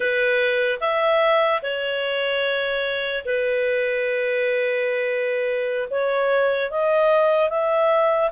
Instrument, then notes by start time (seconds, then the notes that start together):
clarinet
0.00 B4
0.80 E5
1.62 C#5
3.25 B4
5.90 C#5
6.70 D#5
7.49 E5